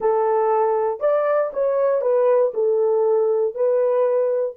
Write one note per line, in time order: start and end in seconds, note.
0.00 1.00 A4
1.00 1.51 D5
1.53 2.01 C#5
2.01 2.52 B4
2.54 3.55 A4
3.55 4.56 B4